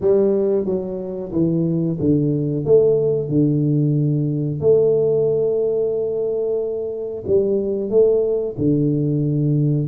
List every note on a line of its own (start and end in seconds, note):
0.00 0.65 G3
0.65 1.31 F#3
1.32 1.98 E3
2.00 2.65 D3
2.65 3.28 A3
3.28 4.60 D3
4.60 7.24 A3
7.26 7.89 G3
7.89 8.55 A3
8.57 9.88 D3